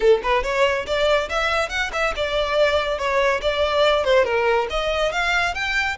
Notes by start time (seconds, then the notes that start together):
0.00 A4
0.22 B4
0.43 C#5
0.86 D5
1.29 E5
1.69 F#5
1.92 E5
2.16 D5
2.98 C#5
3.41 D5
4.04 C5
4.24 A#4
4.69 D#5
5.12 F5
5.54 G5